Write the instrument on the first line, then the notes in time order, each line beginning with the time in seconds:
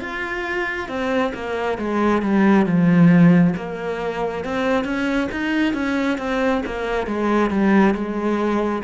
cello
0.00 F4
0.88 C4
1.34 A#3
1.78 G#3
2.22 G3
2.66 F3
3.56 A#3
4.44 C4
4.84 C#4
5.31 D#4
5.74 C#4
6.18 C4
6.66 A#3
7.06 G#3
7.50 G3
7.94 G#3